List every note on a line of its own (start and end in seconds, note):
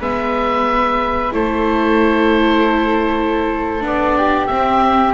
0.00 1.33 G#3
0.00 1.32 B3
0.00 1.33 B4
0.00 1.33 E5
1.32 3.83 A3
1.32 3.81 E4
1.32 4.18 A4
1.32 3.83 C5
3.81 4.50 B3
3.81 4.47 D4
3.81 4.47 D5
4.18 5.13 G4
4.47 5.13 C4
4.47 5.13 E5